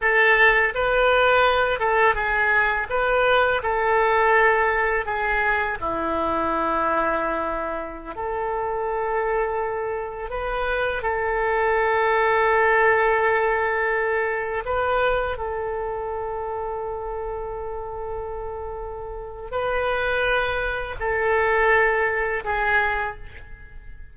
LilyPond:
\new Staff \with { instrumentName = "oboe" } { \time 4/4 \tempo 4 = 83 a'4 b'4. a'8 gis'4 | b'4 a'2 gis'4 | e'2.~ e'16 a'8.~ | a'2~ a'16 b'4 a'8.~ |
a'1~ | a'16 b'4 a'2~ a'8.~ | a'2. b'4~ | b'4 a'2 gis'4 | }